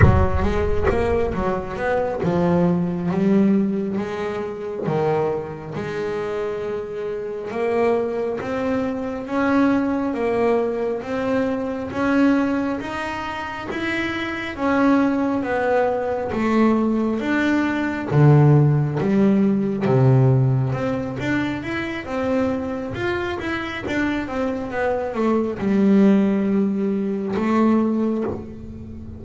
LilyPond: \new Staff \with { instrumentName = "double bass" } { \time 4/4 \tempo 4 = 68 fis8 gis8 ais8 fis8 b8 f4 g8~ | g8 gis4 dis4 gis4.~ | gis8 ais4 c'4 cis'4 ais8~ | ais8 c'4 cis'4 dis'4 e'8~ |
e'8 cis'4 b4 a4 d'8~ | d'8 d4 g4 c4 c'8 | d'8 e'8 c'4 f'8 e'8 d'8 c'8 | b8 a8 g2 a4 | }